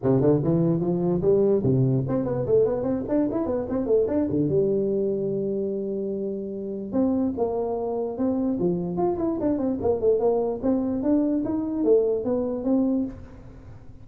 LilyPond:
\new Staff \with { instrumentName = "tuba" } { \time 4/4 \tempo 4 = 147 c8 d8 e4 f4 g4 | c4 c'8 b8 a8 b8 c'8 d'8 | e'8 b8 c'8 a8 d'8 d8 g4~ | g1~ |
g4 c'4 ais2 | c'4 f4 f'8 e'8 d'8 c'8 | ais8 a8 ais4 c'4 d'4 | dis'4 a4 b4 c'4 | }